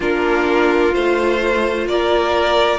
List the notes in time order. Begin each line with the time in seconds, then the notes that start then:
0.00 A#3 D4 F4 A#4
0.92 A3 F4 C5
1.86 A#3 A#4 D5